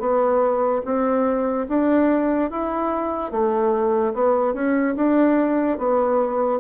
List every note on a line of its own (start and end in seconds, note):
0.00 0.82 B3
0.85 1.67 C4
1.69 2.51 D4
2.51 3.32 E4
3.32 4.14 A3
4.14 4.54 B3
4.54 4.95 C#4
4.97 5.78 D4
5.78 6.60 B3